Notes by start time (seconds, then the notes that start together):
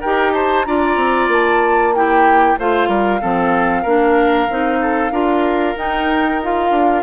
0.00 D#4 G4 A#4 G5
0.33 C5 A5
0.64 D4 F4 D5 A#5
0.96 C4
1.28 A#3 A5
1.95 E4 G4 G5
2.58 A3 F4 C5 F5
2.88 G3 A#4
3.21 F3 C4 A4
3.82 A#3 D4 A#4
4.49 C4 D#4
4.81 A4
5.11 D4 F4 A#4
5.76 D#4 G5
6.42 F4 F5
6.70 D4